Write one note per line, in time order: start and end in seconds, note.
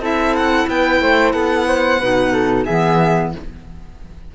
0.00 0.66 C4
0.00 2.00 E4
0.00 0.67 A4
0.00 0.36 E5
0.36 0.69 F#5
0.68 1.01 B3
0.68 1.01 B4
0.68 1.32 G5
1.01 1.34 A3
1.01 1.33 C5
1.32 2.00 B3
1.32 1.66 A4
1.32 2.64 F#5
1.68 2.00 C5
2.00 2.66 B2
2.00 2.68 D#4
2.00 2.33 B4
2.33 2.65 A4
2.65 3.35 E3
2.65 3.34 B3
2.65 3.31 G#4
2.65 3.31 E5